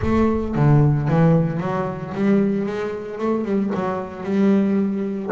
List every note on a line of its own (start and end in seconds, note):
0.02 0.55 A3
0.55 1.08 D3
1.08 1.60 E3
1.60 2.13 F#3
2.14 2.66 G3
2.66 3.18 G#3
3.18 3.44 A3
3.44 3.70 G3
3.74 4.23 F#3
4.23 5.30 G3